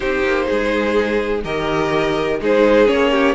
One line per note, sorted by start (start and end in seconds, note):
0.00 0.23 C4
0.00 1.42 D#4
0.00 0.45 G4
0.00 1.42 C5
0.23 0.47 A#3
0.46 1.44 G#3
0.46 1.42 G#4
1.44 2.40 D#3
1.44 2.39 G4
1.44 2.40 A#4
1.44 2.40 D#5
2.39 2.88 G#3
2.39 2.86 D#4
2.39 3.11 G#4
2.39 2.87 C5
2.86 3.34 A#3
2.86 3.34 C#4
2.86 3.34 C#5
3.11 3.34 G4